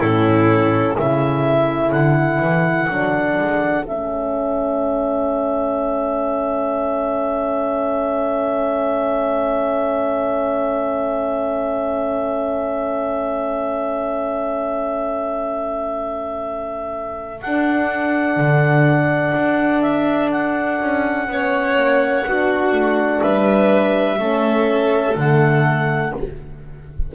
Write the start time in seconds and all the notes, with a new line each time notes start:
0.00 A2 C#4 E4 A4
0.97 C#3 E4 A4 E5
1.92 D3 F#5
2.40 E3
2.90 F#3 D4
3.39 G#3
3.87 A3 C#4 E5
17.42 D4 F#5
18.37 D3
19.36 D4
19.82 E5
20.32 F#5
20.81 C#4
21.28 B3 C#4 C#5
21.76 A#3
22.27 B3 D4 F#4
22.72 A3
23.22 G3 B4 E5
24.18 A3 C#4 A4
25.17 D3 A3 F#5